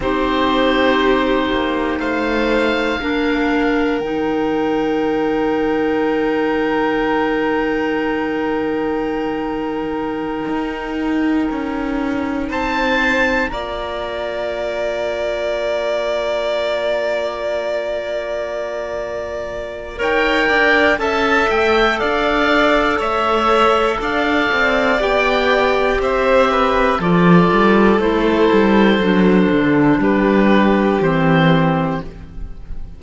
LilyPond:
<<
  \new Staff \with { instrumentName = "oboe" } { \time 4/4 \tempo 4 = 60 c''2 f''2 | g''1~ | g''1~ | g''8 a''4 ais''2~ ais''8~ |
ais''1 | g''4 a''8 g''8 f''4 e''4 | f''4 g''4 e''4 d''4 | c''2 b'4 c''4 | }
  \new Staff \with { instrumentName = "violin" } { \time 4/4 g'2 c''4 ais'4~ | ais'1~ | ais'1~ | ais'8 c''4 d''2~ d''8~ |
d''1 | cis''8 d''8 e''4 d''4 cis''4 | d''2 c''8 b'8 a'4~ | a'2 g'2 | }
  \new Staff \with { instrumentName = "clarinet" } { \time 4/4 dis'2. d'4 | dis'1~ | dis'1~ | dis'4. f'2~ f'8~ |
f'1 | ais'4 a'2.~ | a'4 g'2 f'4 | e'4 d'2 c'4 | }
  \new Staff \with { instrumentName = "cello" } { \time 4/4 c'4. ais8 a4 ais4 | dis1~ | dis2~ dis8 dis'4 cis'8~ | cis'8 c'4 ais2~ ais8~ |
ais1 | dis'8 d'8 cis'8 a8 d'4 a4 | d'8 c'8 b4 c'4 f8 g8 | a8 g8 fis8 d8 g4 e4 | }
>>